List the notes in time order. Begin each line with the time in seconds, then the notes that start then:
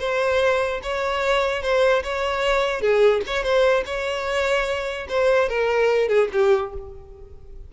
0.00 C5
0.83 C#5
1.63 C5
2.04 C#5
2.81 G#4
3.27 C#5
3.43 C5
3.86 C#5
5.09 C5
5.49 A#4
6.09 G#4
6.33 G4